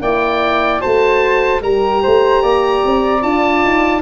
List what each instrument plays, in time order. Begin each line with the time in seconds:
0.00 tuba A#3, horn E4, flute D5, oboe G5
0.80 tuba A3, horn F#4, flute C5, oboe A5
1.61 tuba G3, horn G4, flute A#4, oboe A#5
2.02 tuba A3, flute C5
2.42 tuba A#3, flute D5
2.85 tuba C4
3.22 tuba D4, horn F4, oboe A5
3.64 tuba D#4